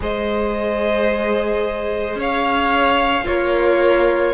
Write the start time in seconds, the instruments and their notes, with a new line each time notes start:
0.00 cello G#3, viola G#4, violin C5 D#5
2.15 cello C#4, violin C#5 F5
3.24 cello A#3, violin F4 C#5, viola A#4